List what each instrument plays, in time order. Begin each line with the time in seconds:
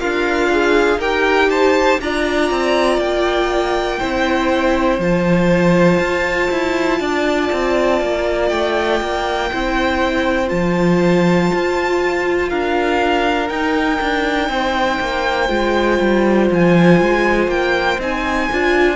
0.00 cello D4, violin F4 F5, viola A#4
0.51 viola G#4
0.97 cello D#4, viola G4, violin A#4 G5
1.50 violin C5 A5
2.01 cello D4, viola F4, violin D5 A#5
2.51 cello C4
2.98 cello A#3, violin G5
4.00 cello C4, viola E4, violin C5
4.99 cello F3, viola F4, violin A5
5.99 cello F4
6.51 cello E4
7.00 cello D4, violin D5
7.52 cello C4
8.01 cello A#3
8.49 cello A3, violin G5
9.01 cello A#3
9.52 cello C4, viola E4, violin C5
10.48 cello F3, viola F4, violin A5
11.53 cello F4
12.50 cello D4, violin A#4 F5
13.49 cello D#4, viola D#4, violin G5
14.01 cello D4
14.49 cello C4, violin C5
15.00 cello A#3
15.48 cello G#3, viola F4
16.00 cello G3
16.51 cello F3, violin G#5
17.01 cello G#3
17.48 cello A#3, violin G5
17.98 cello C4, viola D#4, violin G#5
18.52 cello D4, viola F4